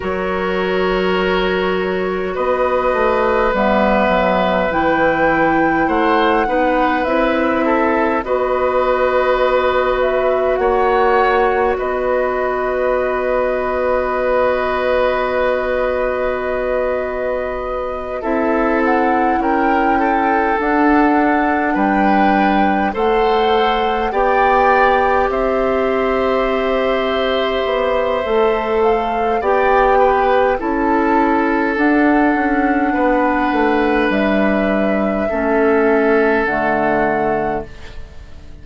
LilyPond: <<
  \new Staff \with { instrumentName = "flute" } { \time 4/4 \tempo 4 = 51 cis''2 dis''4 e''4 | g''4 fis''4 e''4 dis''4~ | dis''8 e''8 fis''4 dis''2~ | dis''2.~ dis''8 e''8 |
fis''8 g''4 fis''4 g''4 fis''8~ | fis''8 g''4 e''2~ e''8~ | e''8 f''8 g''4 a''4 fis''4~ | fis''4 e''2 fis''4 | }
  \new Staff \with { instrumentName = "oboe" } { \time 4/4 ais'2 b'2~ | b'4 c''8 b'4 a'8 b'4~ | b'4 cis''4 b'2~ | b'2.~ b'8 a'8~ |
a'8 ais'8 a'4. b'4 c''8~ | c''8 d''4 c''2~ c''8~ | c''4 d''8 b'8 a'2 | b'2 a'2 | }
  \new Staff \with { instrumentName = "clarinet" } { \time 4/4 fis'2. b4 | e'4. dis'8 e'4 fis'4~ | fis'1~ | fis'2.~ fis'8 e'8~ |
e'4. d'2 a'8~ | a'8 g'2.~ g'8 | a'4 g'4 e'4 d'4~ | d'2 cis'4 a4 | }
  \new Staff \with { instrumentName = "bassoon" } { \time 4/4 fis2 b8 a8 g8 fis8 | e4 a8 b8 c'4 b4~ | b4 ais4 b2~ | b2.~ b8 c'8~ |
c'8 cis'4 d'4 g4 a8~ | a8 b4 c'2 b8 | a4 b4 cis'4 d'8 cis'8 | b8 a8 g4 a4 d4 | }
>>